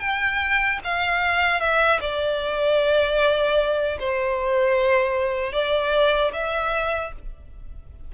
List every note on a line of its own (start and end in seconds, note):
0.00 0.79 G5
0.84 1.60 F5
1.60 2.00 E5
2.01 3.98 D5
3.99 5.53 C5
5.53 6.32 D5
6.33 7.12 E5